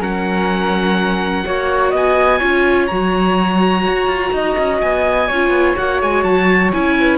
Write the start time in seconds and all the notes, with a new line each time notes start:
0.00 F#3 C#4 A#4 F#5
1.44 A#3 F#4 C#5
1.91 B3 D#5 G#5
2.39 C#4 F4 C#5
2.87 F#3 F#4 A#5
3.88 F#4
4.07 F4
4.33 D#4 D#5
4.58 C#4
4.81 B3 G#5
5.28 C#4 F4 C#5
5.50 B3
5.77 A#3 F#4 F#5
6.02 G#3 G#5
6.24 F#3 A5
6.73 C#4 E4 G#5
7.00 B4